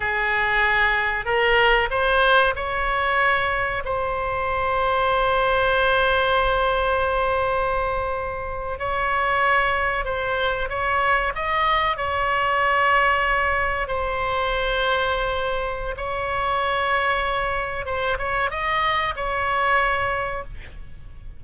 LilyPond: \new Staff \with { instrumentName = "oboe" } { \time 4/4 \tempo 4 = 94 gis'2 ais'4 c''4 | cis''2 c''2~ | c''1~ | c''4.~ c''16 cis''2 c''16~ |
c''8. cis''4 dis''4 cis''4~ cis''16~ | cis''4.~ cis''16 c''2~ c''16~ | c''4 cis''2. | c''8 cis''8 dis''4 cis''2 | }